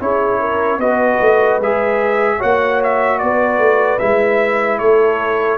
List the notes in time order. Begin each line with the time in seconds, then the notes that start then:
0.00 C#4 E4 G#4 C#5
0.39 A#4
0.78 B3 F#4 B4 D#5
1.20 A3
1.58 G#3 G#4 E5
2.37 A#3 F#4 C#5 F#5
2.83 E5
3.19 B3 B4 D5
3.58 A3
3.99 G#3 E4 E5
4.78 A3 A4 C#5